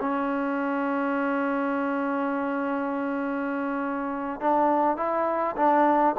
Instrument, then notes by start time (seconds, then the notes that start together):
trombone
0.00 C#4
4.40 D4
4.97 E4
5.56 D4